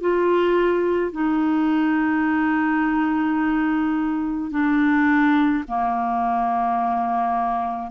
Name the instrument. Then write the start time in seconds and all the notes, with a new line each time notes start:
clarinet
0.00 F4
1.11 D#4
4.50 D4
5.68 A#3